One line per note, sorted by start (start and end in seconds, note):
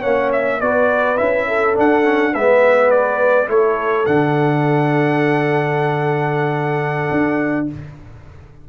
0.00 0.61 A#3
0.00 0.61 C#4
0.00 0.58 C#5
0.00 0.31 F#5
0.32 0.61 E5
0.61 1.19 B3
0.61 1.17 F#4
0.61 1.48 B4
0.61 1.17 D5
1.17 1.78 C#4
1.17 1.74 E4
1.17 1.75 E5
1.48 2.33 A4
1.74 2.03 D4
1.74 2.35 D4
1.74 2.34 F#5
2.04 2.32 C#4
2.33 3.49 G#3
2.33 3.47 B3
2.33 3.48 B4
2.33 2.91 E5
2.91 3.48 D5
3.47 4.06 A3
3.47 4.05 E4
3.47 7.67 A4
3.47 4.06 C#5
4.06 7.10 D3
4.06 7.67 D4
4.06 7.66 F#5
7.11 7.69 D4